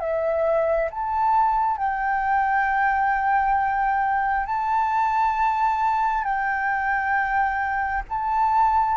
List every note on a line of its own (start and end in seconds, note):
0.00 0.90 E5
0.91 1.78 A5
1.78 4.47 G5
4.47 6.24 A5
6.24 8.03 G5
8.09 8.98 A5